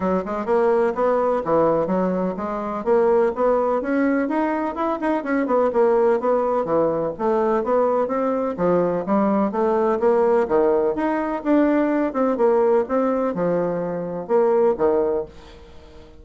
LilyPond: \new Staff \with { instrumentName = "bassoon" } { \time 4/4 \tempo 4 = 126 fis8 gis8 ais4 b4 e4 | fis4 gis4 ais4 b4 | cis'4 dis'4 e'8 dis'8 cis'8 b8 | ais4 b4 e4 a4 |
b4 c'4 f4 g4 | a4 ais4 dis4 dis'4 | d'4. c'8 ais4 c'4 | f2 ais4 dis4 | }